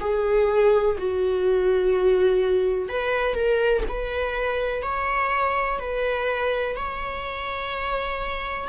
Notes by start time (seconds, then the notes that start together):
0.00 G#4
0.98 F#4
2.89 B4
3.34 A#4
3.88 B4
4.83 C#5
5.79 B4
6.76 C#5